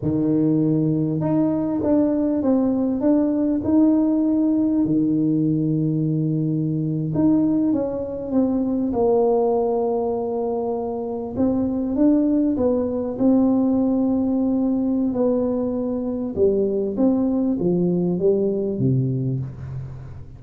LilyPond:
\new Staff \with { instrumentName = "tuba" } { \time 4/4 \tempo 4 = 99 dis2 dis'4 d'4 | c'4 d'4 dis'2 | dis2.~ dis8. dis'16~ | dis'8. cis'4 c'4 ais4~ ais16~ |
ais2~ ais8. c'4 d'16~ | d'8. b4 c'2~ c'16~ | c'4 b2 g4 | c'4 f4 g4 c4 | }